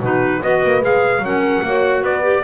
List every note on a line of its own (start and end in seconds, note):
0.00 0.41 B2
0.00 0.42 D#4
0.00 0.41 F#4
0.00 0.42 B4
0.42 0.64 B3
0.42 0.82 F#4
0.42 1.23 B4
0.42 0.83 D#5
0.64 0.82 A#3
0.82 1.19 G#3
0.82 1.22 G#4
0.82 1.25 F5
1.19 1.60 F#3
1.19 1.64 C#4
1.19 1.66 A#4
1.19 2.04 F#5
1.62 2.02 A#3
1.62 2.22 F#4
1.62 2.02 C#5
2.02 2.42 B3
2.02 2.43 B4
2.02 2.44 D5
2.22 2.42 G4